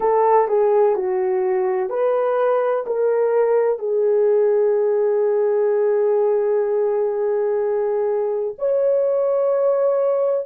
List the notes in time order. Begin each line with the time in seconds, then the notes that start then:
0.00 A4
0.48 G#4
0.95 F#4
1.89 B4
2.86 A#4
3.78 G#4
8.58 C#5